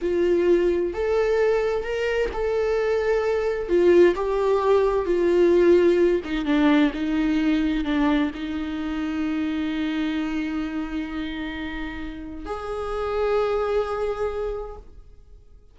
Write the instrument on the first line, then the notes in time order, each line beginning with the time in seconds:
viola
0.01 F4
0.93 A4
1.83 A#4
2.33 A4
3.68 F4
4.15 G4
5.05 F4
6.24 D#4
6.45 D4
6.93 D#4
7.84 D4
8.34 D#4
12.45 G#4